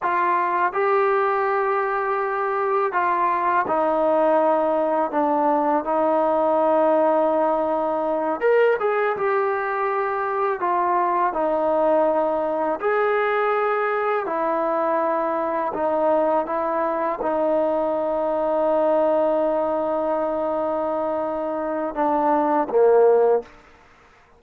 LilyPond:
\new Staff \with { instrumentName = "trombone" } { \time 4/4 \tempo 4 = 82 f'4 g'2. | f'4 dis'2 d'4 | dis'2.~ dis'8 ais'8 | gis'8 g'2 f'4 dis'8~ |
dis'4. gis'2 e'8~ | e'4. dis'4 e'4 dis'8~ | dis'1~ | dis'2 d'4 ais4 | }